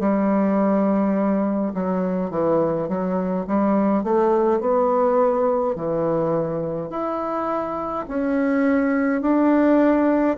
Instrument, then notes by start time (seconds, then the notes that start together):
bassoon
0.00 G3
1.74 F#3
2.31 E3
2.88 F#3
3.47 G3
4.04 A3
4.60 B3
5.76 E3
6.90 E4
8.08 C#4
9.22 D4